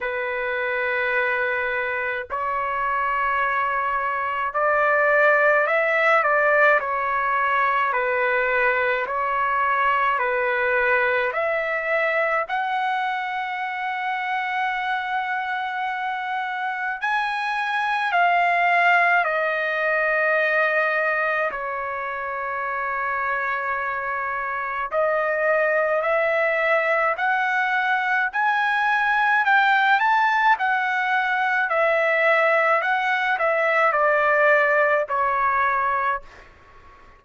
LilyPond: \new Staff \with { instrumentName = "trumpet" } { \time 4/4 \tempo 4 = 53 b'2 cis''2 | d''4 e''8 d''8 cis''4 b'4 | cis''4 b'4 e''4 fis''4~ | fis''2. gis''4 |
f''4 dis''2 cis''4~ | cis''2 dis''4 e''4 | fis''4 gis''4 g''8 a''8 fis''4 | e''4 fis''8 e''8 d''4 cis''4 | }